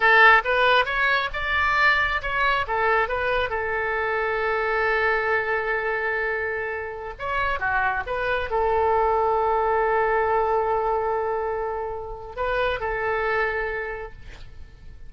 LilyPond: \new Staff \with { instrumentName = "oboe" } { \time 4/4 \tempo 4 = 136 a'4 b'4 cis''4 d''4~ | d''4 cis''4 a'4 b'4 | a'1~ | a'1~ |
a'16 cis''4 fis'4 b'4 a'8.~ | a'1~ | a'1 | b'4 a'2. | }